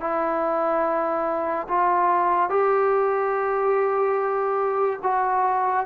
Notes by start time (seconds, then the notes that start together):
0.00 E4
1.68 F4
2.49 G4
5.03 F#4